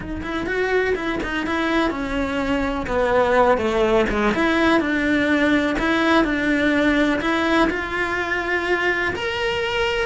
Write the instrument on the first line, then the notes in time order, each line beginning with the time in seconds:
cello
0.00 D#4
0.22 E4
0.46 F#4
0.95 E4
1.23 D#4
1.46 E4
1.90 C#4
2.87 B3
3.57 A3
4.09 G#3
4.34 E4
4.80 D4
5.78 E4
6.24 D4
7.21 E4
7.69 F4
9.15 A#4